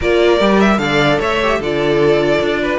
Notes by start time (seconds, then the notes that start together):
0.00 A#3 F4 A#4 D5
0.39 G3 G4
0.60 E5
0.78 D3 A4 D5 F5
1.19 A3 C#5 E5
1.42 G4
1.59 D3 F4 A4 D5
2.40 D4
2.62 B4